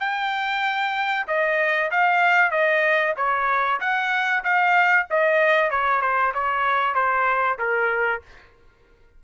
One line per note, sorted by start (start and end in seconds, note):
0.00 1.26 G5
1.28 1.91 D#5
1.91 2.51 F5
2.51 3.14 D#5
3.17 3.80 C#5
3.80 4.44 F#5
4.44 5.07 F5
5.10 5.71 D#5
5.71 6.01 C#5
6.01 6.33 C5
6.34 6.94 C#5
6.94 7.58 C5
7.59 8.22 A#4